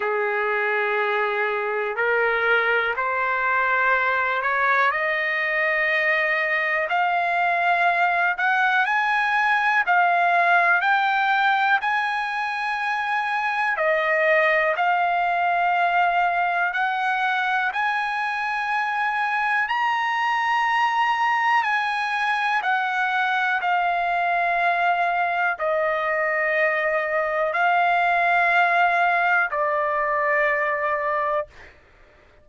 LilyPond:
\new Staff \with { instrumentName = "trumpet" } { \time 4/4 \tempo 4 = 61 gis'2 ais'4 c''4~ | c''8 cis''8 dis''2 f''4~ | f''8 fis''8 gis''4 f''4 g''4 | gis''2 dis''4 f''4~ |
f''4 fis''4 gis''2 | ais''2 gis''4 fis''4 | f''2 dis''2 | f''2 d''2 | }